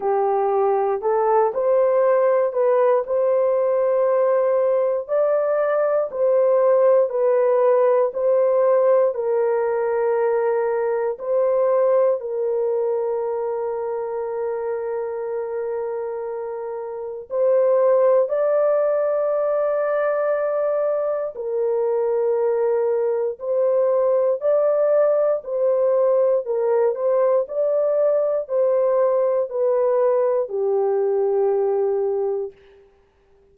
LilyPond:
\new Staff \with { instrumentName = "horn" } { \time 4/4 \tempo 4 = 59 g'4 a'8 c''4 b'8 c''4~ | c''4 d''4 c''4 b'4 | c''4 ais'2 c''4 | ais'1~ |
ais'4 c''4 d''2~ | d''4 ais'2 c''4 | d''4 c''4 ais'8 c''8 d''4 | c''4 b'4 g'2 | }